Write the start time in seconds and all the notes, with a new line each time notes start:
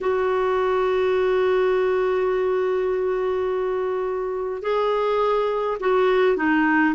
0.01 F#4
4.62 G#4
5.80 F#4
6.37 D#4